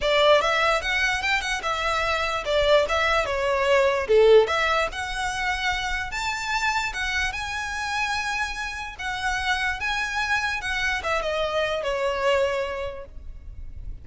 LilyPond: \new Staff \with { instrumentName = "violin" } { \time 4/4 \tempo 4 = 147 d''4 e''4 fis''4 g''8 fis''8 | e''2 d''4 e''4 | cis''2 a'4 e''4 | fis''2. a''4~ |
a''4 fis''4 gis''2~ | gis''2 fis''2 | gis''2 fis''4 e''8 dis''8~ | dis''4 cis''2. | }